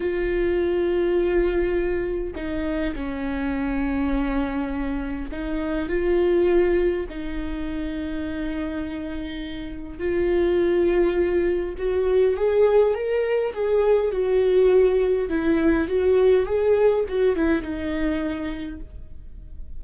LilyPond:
\new Staff \with { instrumentName = "viola" } { \time 4/4 \tempo 4 = 102 f'1 | dis'4 cis'2.~ | cis'4 dis'4 f'2 | dis'1~ |
dis'4 f'2. | fis'4 gis'4 ais'4 gis'4 | fis'2 e'4 fis'4 | gis'4 fis'8 e'8 dis'2 | }